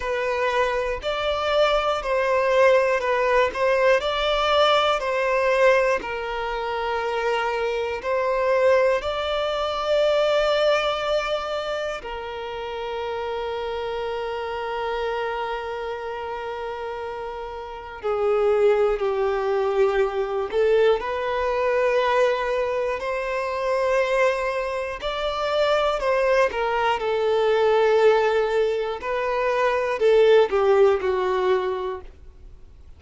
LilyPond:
\new Staff \with { instrumentName = "violin" } { \time 4/4 \tempo 4 = 60 b'4 d''4 c''4 b'8 c''8 | d''4 c''4 ais'2 | c''4 d''2. | ais'1~ |
ais'2 gis'4 g'4~ | g'8 a'8 b'2 c''4~ | c''4 d''4 c''8 ais'8 a'4~ | a'4 b'4 a'8 g'8 fis'4 | }